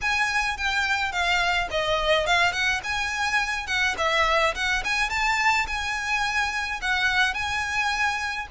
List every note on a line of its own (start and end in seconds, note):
0.01 0.57 G#5
0.57 1.11 G5
1.11 1.68 F5
1.70 2.26 D#5
2.26 2.52 F5
2.52 2.80 F#5
2.83 3.66 G#5
3.66 3.95 F#5
3.97 4.54 E5
4.54 4.83 F#5
4.84 5.09 G#5
5.09 5.66 A5
5.67 6.80 G#5
6.81 7.34 F#5
7.34 8.47 G#5